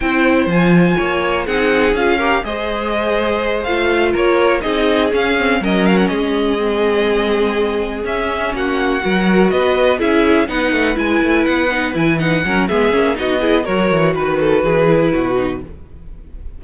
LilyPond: <<
  \new Staff \with { instrumentName = "violin" } { \time 4/4 \tempo 4 = 123 g''4 gis''2 fis''4 | f''4 dis''2~ dis''8 f''8~ | f''8 cis''4 dis''4 f''4 dis''8 | f''16 fis''16 dis''2.~ dis''8~ |
dis''8 e''4 fis''2 dis''8~ | dis''8 e''4 fis''4 gis''4 fis''8~ | fis''8 gis''8 fis''4 e''4 dis''4 | cis''4 b'2. | }
  \new Staff \with { instrumentName = "violin" } { \time 4/4 c''2 cis''4 gis'4~ | gis'8 ais'8 c''2.~ | c''8 ais'4 gis'2 ais'8~ | ais'8 gis'2.~ gis'8~ |
gis'4. fis'4 ais'4 b'8~ | b'8 gis'4 b'2~ b'8~ | b'4. ais'8 gis'4 fis'8 gis'8 | ais'4 b'8 a'8 gis'4 fis'4 | }
  \new Staff \with { instrumentName = "viola" } { \time 4/4 e'4 f'2 dis'4 | f'8 g'8 gis'2~ gis'8 f'8~ | f'4. dis'4 cis'8 c'8 cis'8~ | cis'4. c'2~ c'8~ |
c'8 cis'2 fis'4.~ | fis'8 e'4 dis'4 e'4. | dis'8 e'8 dis'8 cis'8 b8 cis'8 dis'8 e'8 | fis'2~ fis'8 e'4 dis'8 | }
  \new Staff \with { instrumentName = "cello" } { \time 4/4 c'4 f4 ais4 c'4 | cis'4 gis2~ gis8 a8~ | a8 ais4 c'4 cis'4 fis8~ | fis8 gis2.~ gis8~ |
gis8 cis'4 ais4 fis4 b8~ | b8 cis'4 b8 a8 gis8 a8 b8~ | b8 e4 fis8 gis8 ais8 b4 | fis8 e8 dis4 e4 b,4 | }
>>